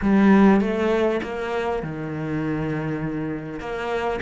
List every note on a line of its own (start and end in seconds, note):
0.01 0.60 G3
0.60 1.20 A3
1.22 1.82 A#3
1.82 3.59 D#3
3.59 4.19 A#3